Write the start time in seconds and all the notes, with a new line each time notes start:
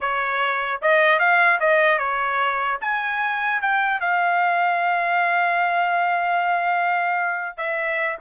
0.00 C#5
0.81 D#5
1.19 F5
1.60 D#5
1.98 C#5
2.81 G#5
3.61 G5
4.00 F5
7.57 E5